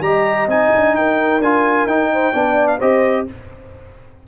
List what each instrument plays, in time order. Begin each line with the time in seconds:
0.00 tuba G3, trombone G4, horn D#5, trumpet A#5
0.47 tuba C4, trombone D#4, trumpet G#5
0.76 tuba D4
0.94 tuba D#4, horn A#4, trumpet G5
1.39 tuba D4, trombone F4, trumpet G#5
1.85 tuba D#4, trombone D#4, trumpet G5
2.12 horn C5
2.33 tuba B3, trombone D4, horn D5
2.67 trumpet F5
2.78 tuba C4, trombone G4, horn C5, trumpet D#5